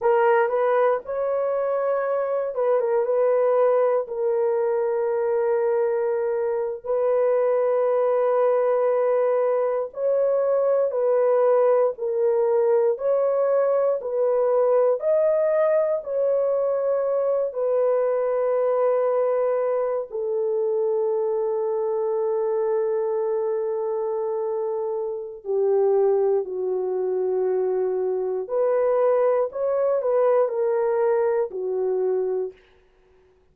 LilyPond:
\new Staff \with { instrumentName = "horn" } { \time 4/4 \tempo 4 = 59 ais'8 b'8 cis''4. b'16 ais'16 b'4 | ais'2~ ais'8. b'4~ b'16~ | b'4.~ b'16 cis''4 b'4 ais'16~ | ais'8. cis''4 b'4 dis''4 cis''16~ |
cis''4~ cis''16 b'2~ b'8 a'16~ | a'1~ | a'4 g'4 fis'2 | b'4 cis''8 b'8 ais'4 fis'4 | }